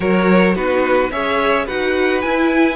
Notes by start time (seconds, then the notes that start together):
0.00 F#3 F#4 A#4 C#5
0.55 B3 D#4 F#4 B4
1.11 C#4 G#4 C#5 E5
1.65 D#4 F#4 B4 F#5
2.21 E4 G#5